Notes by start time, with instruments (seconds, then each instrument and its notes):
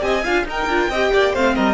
0.00 cello C4, viola G4, violin D#5 G#5
0.24 cello D4, viola F4, violin F5
0.44 cello D#4, viola D#4, violin A#4
0.50 violin G5
0.66 cello D4, viola F4
0.88 cello C4, viola G4, violin D#5
1.12 cello A#3, violin D5
1.33 cello A3, viola C4, violin C5 F5
1.55 cello G3, violin A#4 D#5